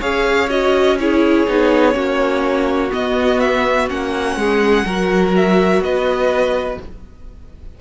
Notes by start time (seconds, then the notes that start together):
0.00 C#4 G#4 C#5 F5
0.49 F#4 D#5
0.98 E4 G#4 C#5
1.47 B3 D#4
1.92 A#3 C#4 F#4
2.90 B3 D#5
3.40 E5
3.89 A#3 C#4 F#5
4.35 G#3 G#4
4.85 F#3 F#4 A#4
5.35 E5
5.80 B3 B4 D#5